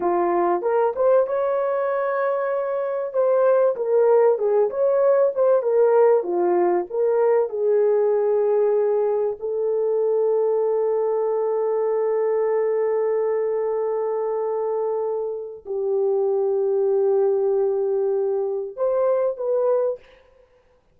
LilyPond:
\new Staff \with { instrumentName = "horn" } { \time 4/4 \tempo 4 = 96 f'4 ais'8 c''8 cis''2~ | cis''4 c''4 ais'4 gis'8 cis''8~ | cis''8 c''8 ais'4 f'4 ais'4 | gis'2. a'4~ |
a'1~ | a'1~ | a'4 g'2.~ | g'2 c''4 b'4 | }